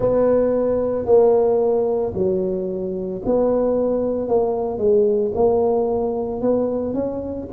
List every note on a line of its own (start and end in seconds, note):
0.00 1.05 B3
1.05 2.12 A#3
2.14 3.21 F#3
3.25 4.28 B3
4.28 4.77 A#3
4.77 5.31 G#3
5.34 6.40 A#3
6.40 6.94 B3
6.94 7.47 C#4